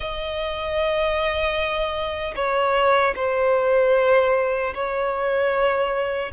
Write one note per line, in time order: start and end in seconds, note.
0.00 2.34 D#5
2.35 3.14 C#5
3.15 4.73 C5
4.74 6.32 C#5